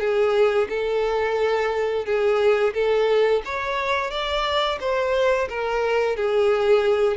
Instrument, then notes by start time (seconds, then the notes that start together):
violin
0.00 G#4
0.69 A4
2.05 G#4
2.74 A4
3.45 C#5
4.11 D5
4.80 C5
5.49 A#4
6.16 G#4